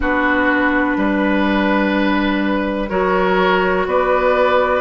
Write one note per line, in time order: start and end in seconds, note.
0.00 0.97 B3
0.00 2.89 D4
0.00 0.97 F#4
0.00 2.89 B4
0.97 2.90 G3
0.97 2.89 B4
2.89 3.86 F#3
2.89 4.81 F#4
2.89 3.86 A#4
2.89 3.86 C#5
3.86 4.81 B3
3.86 4.81 B4
3.86 4.81 D5